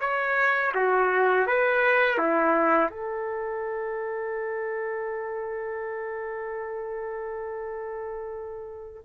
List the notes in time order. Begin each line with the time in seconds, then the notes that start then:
0.00 C#5
0.74 F#4
1.47 B4
2.18 E4
2.90 A4